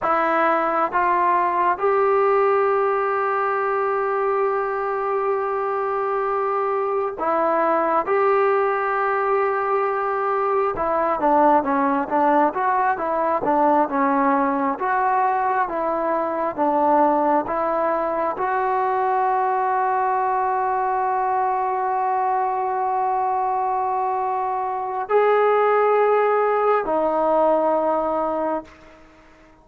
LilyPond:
\new Staff \with { instrumentName = "trombone" } { \time 4/4 \tempo 4 = 67 e'4 f'4 g'2~ | g'1 | e'4 g'2. | e'8 d'8 cis'8 d'8 fis'8 e'8 d'8 cis'8~ |
cis'8 fis'4 e'4 d'4 e'8~ | e'8 fis'2.~ fis'8~ | fis'1 | gis'2 dis'2 | }